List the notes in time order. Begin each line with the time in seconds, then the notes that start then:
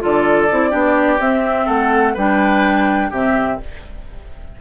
0.00 D3 F4 A4 D5
0.51 C4 E4
0.70 B3 D4 G4
1.19 C4 E5
1.65 A3 A4 F#5
2.14 G3 D4 B4 G5
3.10 C3 C4 G4 E5